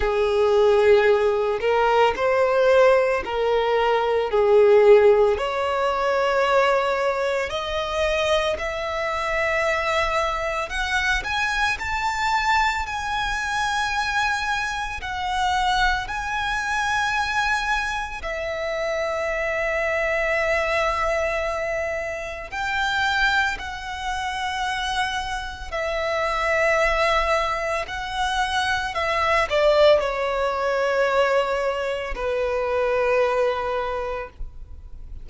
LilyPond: \new Staff \with { instrumentName = "violin" } { \time 4/4 \tempo 4 = 56 gis'4. ais'8 c''4 ais'4 | gis'4 cis''2 dis''4 | e''2 fis''8 gis''8 a''4 | gis''2 fis''4 gis''4~ |
gis''4 e''2.~ | e''4 g''4 fis''2 | e''2 fis''4 e''8 d''8 | cis''2 b'2 | }